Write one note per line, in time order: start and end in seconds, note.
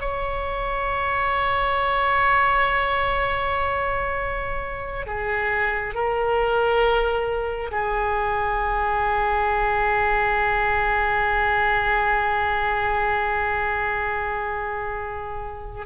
0.00 5.07 C#5
5.07 5.94 G#4
5.94 7.71 A#4
7.71 15.86 G#4